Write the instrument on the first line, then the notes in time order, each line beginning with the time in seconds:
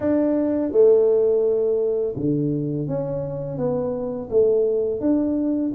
tuba
0.00 D4
0.71 A3
2.16 D3
2.87 C#4
3.57 B3
4.30 A3
5.00 D4